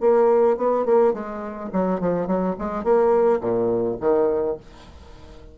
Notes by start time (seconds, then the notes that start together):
0.00 A#3
0.57 B3
0.85 A#3
1.13 G#3
1.72 F#3
2.00 F3
2.27 F#3
2.58 G#3
2.83 A#3
3.40 A#2
4.00 D#3